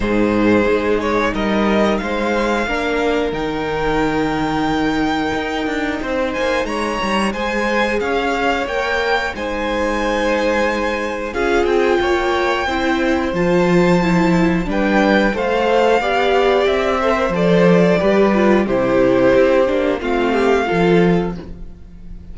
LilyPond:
<<
  \new Staff \with { instrumentName = "violin" } { \time 4/4 \tempo 4 = 90 c''4. cis''8 dis''4 f''4~ | f''4 g''2.~ | g''4. gis''8 ais''4 gis''4 | f''4 g''4 gis''2~ |
gis''4 f''8 g''2~ g''8 | a''2 g''4 f''4~ | f''4 e''4 d''2 | c''2 f''2 | }
  \new Staff \with { instrumentName = "violin" } { \time 4/4 gis'2 ais'4 c''4 | ais'1~ | ais'4 c''4 cis''4 c''4 | cis''2 c''2~ |
c''4 gis'4 cis''4 c''4~ | c''2 b'4 c''4 | d''4. c''4. b'4 | g'2 f'8 g'8 a'4 | }
  \new Staff \with { instrumentName = "viola" } { \time 4/4 dis'1 | d'4 dis'2.~ | dis'2. gis'4~ | gis'4 ais'4 dis'2~ |
dis'4 f'2 e'4 | f'4 e'4 d'4 a'4 | g'4. a'16 ais'16 a'4 g'8 f'8 | e'4. d'8 c'4 f'4 | }
  \new Staff \with { instrumentName = "cello" } { \time 4/4 gis,4 gis4 g4 gis4 | ais4 dis2. | dis'8 d'8 c'8 ais8 gis8 g8 gis4 | cis'4 ais4 gis2~ |
gis4 cis'8 c'8 ais4 c'4 | f2 g4 a4 | b4 c'4 f4 g4 | c4 c'8 ais8 a4 f4 | }
>>